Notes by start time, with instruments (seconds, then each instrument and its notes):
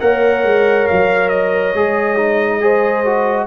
0.00 tuba A#3, trombone A#4, horn C#5, trumpet F#5
0.44 tuba G#3
0.87 tuba F#3, trumpet F5
1.29 trumpet D#5
1.74 tuba G#3, trombone G#4
2.17 trombone D#4
2.61 trombone G#4, horn C5
3.05 trombone F#4